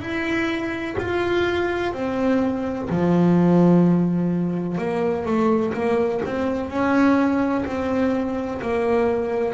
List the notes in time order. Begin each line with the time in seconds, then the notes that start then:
0.00 E4
0.98 F4
1.93 C4
2.90 F3
4.78 A#3
5.25 A3
5.74 A#3
6.25 C4
6.69 C#4
7.65 C4
8.61 A#3